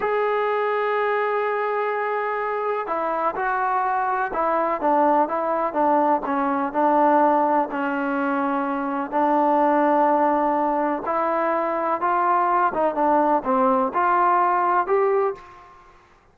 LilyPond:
\new Staff \with { instrumentName = "trombone" } { \time 4/4 \tempo 4 = 125 gis'1~ | gis'2 e'4 fis'4~ | fis'4 e'4 d'4 e'4 | d'4 cis'4 d'2 |
cis'2. d'4~ | d'2. e'4~ | e'4 f'4. dis'8 d'4 | c'4 f'2 g'4 | }